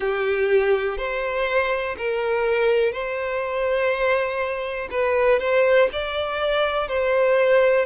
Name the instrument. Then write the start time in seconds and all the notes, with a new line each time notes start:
violin
0.00 G4
0.97 C5
1.97 A#4
2.92 C5
4.90 B4
5.39 C5
5.92 D5
6.88 C5